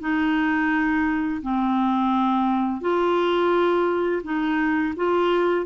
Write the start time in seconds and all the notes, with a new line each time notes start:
0.00 D#4
1.41 C4
2.80 F4
4.23 D#4
4.96 F4